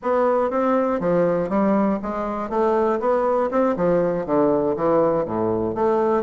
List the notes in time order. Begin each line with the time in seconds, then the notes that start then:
0.02 B3
0.50 C4
1.00 F3
1.49 G3
2.02 G#3
2.49 A3
3.00 B3
3.50 C4
3.76 F3
4.25 D3
4.76 E3
5.25 A2
5.75 A3